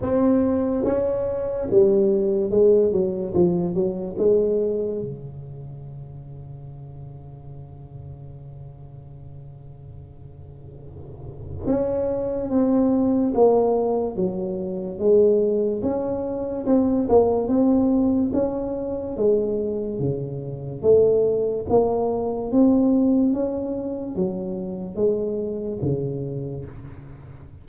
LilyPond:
\new Staff \with { instrumentName = "tuba" } { \time 4/4 \tempo 4 = 72 c'4 cis'4 g4 gis8 fis8 | f8 fis8 gis4 cis2~ | cis1~ | cis2 cis'4 c'4 |
ais4 fis4 gis4 cis'4 | c'8 ais8 c'4 cis'4 gis4 | cis4 a4 ais4 c'4 | cis'4 fis4 gis4 cis4 | }